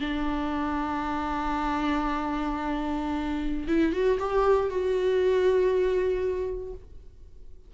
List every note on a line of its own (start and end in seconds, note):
0.00 3.68 D4
3.68 3.93 E4
3.93 4.18 F#4
4.19 4.70 G4
4.70 6.73 F#4